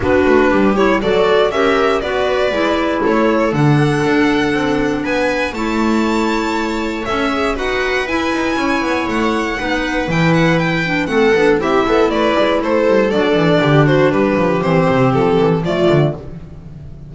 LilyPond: <<
  \new Staff \with { instrumentName = "violin" } { \time 4/4 \tempo 4 = 119 b'4. cis''8 d''4 e''4 | d''2 cis''4 fis''4~ | fis''2 gis''4 a''4~ | a''2 e''4 fis''4 |
gis''2 fis''2 | g''8 fis''8 g''4 fis''4 e''4 | d''4 c''4 d''4. c''8 | b'4 c''4 a'4 d''4 | }
  \new Staff \with { instrumentName = "viola" } { \time 4/4 fis'4 g'4 a'4 ais'4 | b'2 a'2~ | a'2 b'4 cis''4~ | cis''2. b'4~ |
b'4 cis''2 b'4~ | b'2 a'4 g'8 a'8 | b'4 a'2 g'8 fis'8 | g'2. f'4 | }
  \new Staff \with { instrumentName = "clarinet" } { \time 4/4 d'4. e'8 fis'4 g'4 | fis'4 e'2 d'4~ | d'2. e'4~ | e'2 a'8 gis'8 fis'4 |
e'2. dis'4 | e'4. d'8 c'8 d'8 e'4~ | e'2 d'2~ | d'4 c'2 a4 | }
  \new Staff \with { instrumentName = "double bass" } { \time 4/4 b8 a8 g4 fis4 cis'4 | b4 gis4 a4 d4 | d'4 c'4 b4 a4~ | a2 cis'4 dis'4 |
e'8 dis'8 cis'8 b8 a4 b4 | e2 a8 b8 c'8 b8 | a8 gis8 a8 g8 fis8 e8 d4 | g8 f8 e8 c8 f8 e8 f8 d8 | }
>>